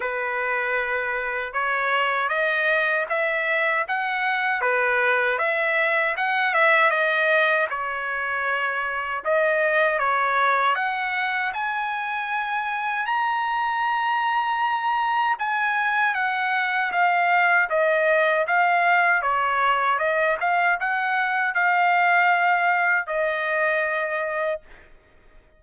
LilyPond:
\new Staff \with { instrumentName = "trumpet" } { \time 4/4 \tempo 4 = 78 b'2 cis''4 dis''4 | e''4 fis''4 b'4 e''4 | fis''8 e''8 dis''4 cis''2 | dis''4 cis''4 fis''4 gis''4~ |
gis''4 ais''2. | gis''4 fis''4 f''4 dis''4 | f''4 cis''4 dis''8 f''8 fis''4 | f''2 dis''2 | }